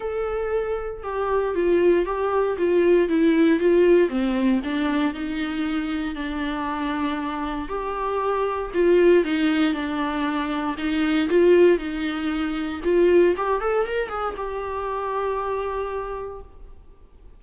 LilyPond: \new Staff \with { instrumentName = "viola" } { \time 4/4 \tempo 4 = 117 a'2 g'4 f'4 | g'4 f'4 e'4 f'4 | c'4 d'4 dis'2 | d'2. g'4~ |
g'4 f'4 dis'4 d'4~ | d'4 dis'4 f'4 dis'4~ | dis'4 f'4 g'8 a'8 ais'8 gis'8 | g'1 | }